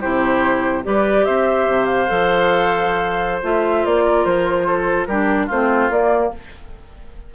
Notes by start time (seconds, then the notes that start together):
0.00 C3 E4 G4 C5
0.83 G3 G4 B4 D5
1.25 C4 C5 E5
1.67 C3
1.85 F5
2.08 F3 A4
3.43 A3 F4 E5
3.85 A#3 D5
4.05 A#4
4.25 F3 C5
4.66 A4
5.06 G3 D4 G4 A#4
5.46 A3 C4 F4 C5
5.89 A#3 D5